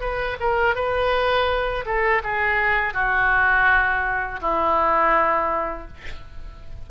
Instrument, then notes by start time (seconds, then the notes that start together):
oboe
0.00 B4
0.40 A#4
0.75 B4
1.85 A4
2.24 G#4
2.93 F#4
4.41 E4